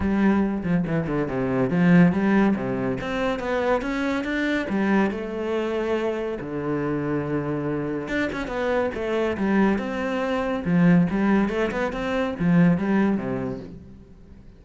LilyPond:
\new Staff \with { instrumentName = "cello" } { \time 4/4 \tempo 4 = 141 g4. f8 e8 d8 c4 | f4 g4 c4 c'4 | b4 cis'4 d'4 g4 | a2. d4~ |
d2. d'8 cis'8 | b4 a4 g4 c'4~ | c'4 f4 g4 a8 b8 | c'4 f4 g4 c4 | }